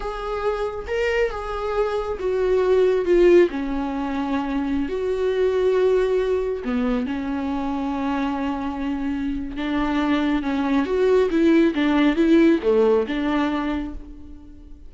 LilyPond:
\new Staff \with { instrumentName = "viola" } { \time 4/4 \tempo 4 = 138 gis'2 ais'4 gis'4~ | gis'4 fis'2 f'4 | cis'2.~ cis'16 fis'8.~ | fis'2.~ fis'16 b8.~ |
b16 cis'2.~ cis'8.~ | cis'2 d'2 | cis'4 fis'4 e'4 d'4 | e'4 a4 d'2 | }